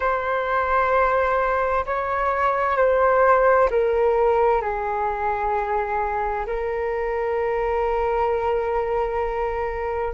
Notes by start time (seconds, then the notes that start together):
0.00 C5
1.86 C#5
2.77 C5
3.70 A#4
4.61 G#4
6.46 A#4